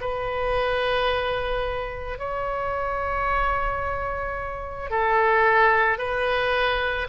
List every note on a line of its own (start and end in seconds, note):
0.00 2.18 B4
2.18 4.90 C#5
4.90 5.98 A4
5.98 7.07 B4